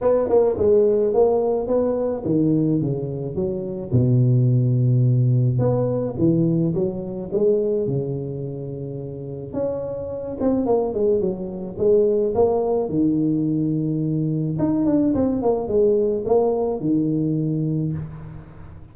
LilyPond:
\new Staff \with { instrumentName = "tuba" } { \time 4/4 \tempo 4 = 107 b8 ais8 gis4 ais4 b4 | dis4 cis4 fis4 b,4~ | b,2 b4 e4 | fis4 gis4 cis2~ |
cis4 cis'4. c'8 ais8 gis8 | fis4 gis4 ais4 dis4~ | dis2 dis'8 d'8 c'8 ais8 | gis4 ais4 dis2 | }